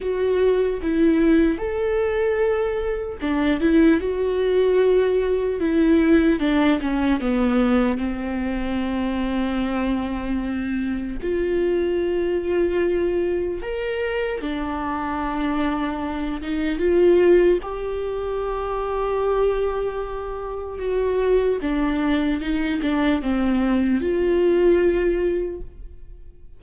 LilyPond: \new Staff \with { instrumentName = "viola" } { \time 4/4 \tempo 4 = 75 fis'4 e'4 a'2 | d'8 e'8 fis'2 e'4 | d'8 cis'8 b4 c'2~ | c'2 f'2~ |
f'4 ais'4 d'2~ | d'8 dis'8 f'4 g'2~ | g'2 fis'4 d'4 | dis'8 d'8 c'4 f'2 | }